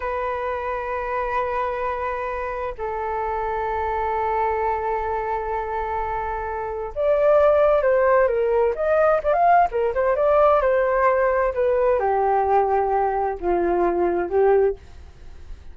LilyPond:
\new Staff \with { instrumentName = "flute" } { \time 4/4 \tempo 4 = 130 b'1~ | b'2 a'2~ | a'1~ | a'2. d''4~ |
d''4 c''4 ais'4 dis''4 | d''16 f''8. ais'8 c''8 d''4 c''4~ | c''4 b'4 g'2~ | g'4 f'2 g'4 | }